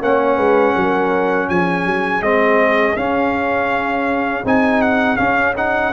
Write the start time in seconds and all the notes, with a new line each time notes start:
0.00 A#3 C#4 C#5 F#5
0.37 G#3 B4
0.75 F#3 A#4
1.49 F3 G#4 G#5
1.85 F#3
2.21 G#3 C4 D#5
2.96 C#4 F5
4.44 C4 D#4 G#5
4.81 F#5
5.17 C#4 F5
5.56 D#4 F#5